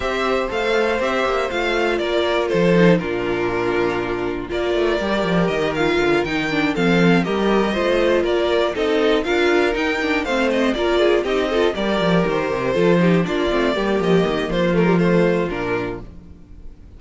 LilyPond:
<<
  \new Staff \with { instrumentName = "violin" } { \time 4/4 \tempo 4 = 120 e''4 f''4 e''4 f''4 | d''4 c''4 ais'2~ | ais'4 d''2 dis''8 f''8~ | f''8 g''4 f''4 dis''4.~ |
dis''8 d''4 dis''4 f''4 g''8~ | g''8 f''8 dis''8 d''4 dis''4 d''8~ | d''8 c''2 d''4. | dis''4 c''8 ais'8 c''4 ais'4 | }
  \new Staff \with { instrumentName = "violin" } { \time 4/4 c''1 | ais'4 a'4 f'2~ | f'4 ais'2.~ | ais'4. a'4 ais'4 c''8~ |
c''8 ais'4 a'4 ais'4.~ | ais'8 c''4 ais'8 gis'8 g'8 a'8 ais'8~ | ais'4. a'8 g'8 f'4 g'8~ | g'4 f'2. | }
  \new Staff \with { instrumentName = "viola" } { \time 4/4 g'4 a'4 g'4 f'4~ | f'4. dis'8 d'2~ | d'4 f'4 g'4. f'8~ | f'8 dis'8 d'8 c'4 g'4 f'8~ |
f'4. dis'4 f'4 dis'8 | d'8 c'4 f'4 dis'8 f'8 g'8~ | g'4. f'8 dis'8 d'8 c'8 ais8~ | ais4. a16 g16 a4 d'4 | }
  \new Staff \with { instrumentName = "cello" } { \time 4/4 c'4 a4 c'8 ais8 a4 | ais4 f4 ais,2~ | ais,4 ais8 a8 g8 f8 dis4 | d8 dis4 f4 g4 a8~ |
a8 ais4 c'4 d'4 dis'8~ | dis'8 a4 ais4 c'4 g8 | f8 dis8 c8 f4 ais8 a8 g8 | f8 dis8 f2 ais,4 | }
>>